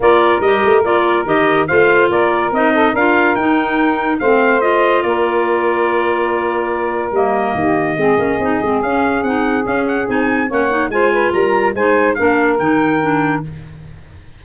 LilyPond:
<<
  \new Staff \with { instrumentName = "trumpet" } { \time 4/4 \tempo 4 = 143 d''4 dis''4 d''4 dis''4 | f''4 d''4 dis''4 f''4 | g''2 f''4 dis''4 | d''1~ |
d''4 dis''2.~ | dis''4 f''4 fis''4 f''8 fis''8 | gis''4 fis''4 gis''4 ais''4 | gis''4 f''4 g''2 | }
  \new Staff \with { instrumentName = "saxophone" } { \time 4/4 ais'1 | c''4 ais'4. a'8 ais'4~ | ais'2 c''2 | ais'1~ |
ais'2 g'4 gis'4~ | gis'1~ | gis'4 cis''4 c''8 b'8 ais'4 | c''4 ais'2. | }
  \new Staff \with { instrumentName = "clarinet" } { \time 4/4 f'4 g'4 f'4 g'4 | f'2 dis'4 f'4 | dis'2 c'4 f'4~ | f'1~ |
f'4 ais2 c'8 cis'8 | dis'8 c'8 cis'4 dis'4 cis'4 | dis'4 cis'8 dis'8 f'2 | dis'4 d'4 dis'4 d'4 | }
  \new Staff \with { instrumentName = "tuba" } { \time 4/4 ais4 g8 a8 ais4 dis4 | a4 ais4 c'4 d'4 | dis'2 a2 | ais1~ |
ais4 g4 dis4 gis8 ais8 | c'8 gis8 cis'4 c'4 cis'4 | c'4 ais4 gis4 g4 | gis4 ais4 dis2 | }
>>